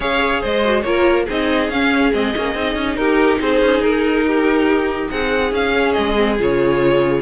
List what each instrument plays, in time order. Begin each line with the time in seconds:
0.00 cello C#4, viola G#4, violin C#5 F5
0.40 cello G#3, violin C5 D#5
0.63 viola F#4
0.81 cello A#3, viola F4, violin A#4 C#5
1.25 cello C4, viola D#4, violin G#4 D#5
1.69 cello C#4, viola C#4, violin F5
2.13 cello G#3, viola C4, violin D#5
2.36 cello A#3, viola C#4
2.54 cello C4, viola D#4
2.75 cello C#4
2.96 cello D#4, violin G4 A#4
3.40 cello C4, violin G#4 C5
3.61 cello C#4
3.79 cello D#4, violin A#4
4.26 violin G4
5.10 cello C4, violin G#4 F#5
5.52 cello C#4, violin F5
5.74 viola C#4
5.92 cello G#3, violin D#5
6.16 viola C4
6.38 cello C#3, viola F4, violin C#5